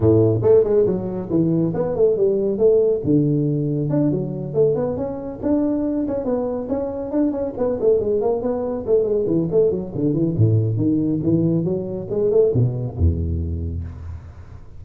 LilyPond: \new Staff \with { instrumentName = "tuba" } { \time 4/4 \tempo 4 = 139 a,4 a8 gis8 fis4 e4 | b8 a8 g4 a4 d4~ | d4 d'8 fis4 a8 b8 cis'8~ | cis'8 d'4. cis'8 b4 cis'8~ |
cis'8 d'8 cis'8 b8 a8 gis8 ais8 b8~ | b8 a8 gis8 e8 a8 fis8 d8 e8 | a,4 dis4 e4 fis4 | gis8 a8 b,4 e,2 | }